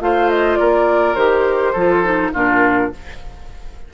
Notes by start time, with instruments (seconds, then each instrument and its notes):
0.00 bassoon A3, clarinet F4, oboe C5, flute F5
0.29 flute D#5
0.56 bassoon A#3, oboe A#4, flute D5
1.15 bassoon D#3, clarinet G4, flute C5
1.73 bassoon F3, clarinet F4, oboe A4
2.04 clarinet D#4
2.33 bassoon A#2, clarinet D4, oboe F4, flute A#4